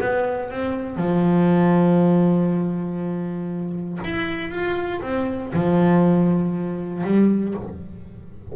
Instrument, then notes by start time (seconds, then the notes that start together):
double bass
0.00 B3
0.50 C4
0.97 F3
4.04 E4
4.51 F4
5.02 C4
5.54 F3
7.04 G3